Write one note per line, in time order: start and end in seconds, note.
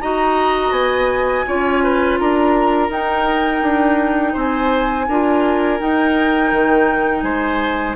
0.00 0.70 D#4
0.00 1.46 F#4
0.00 1.45 D#5
0.00 0.72 A#5
0.70 1.43 B3
0.70 2.16 G#5
1.46 2.20 C#4
1.46 2.89 F4
1.46 1.83 C#5
1.83 2.19 B4
2.18 2.89 D4
2.18 4.33 A#4
2.18 2.90 A#5
2.89 3.61 D#4
2.89 5.06 D#4
2.89 4.36 G5
3.61 4.34 D4
4.33 5.08 C4
4.33 5.05 C5
4.33 5.80 G#5
5.08 5.80 D4
5.08 5.79 F4
5.08 7.24 A#4
5.79 7.96 D#4
5.79 6.52 D#4
5.79 7.21 G5
6.52 7.22 D#3
7.21 7.94 G#3
7.21 7.96 C5
7.21 7.94 G#5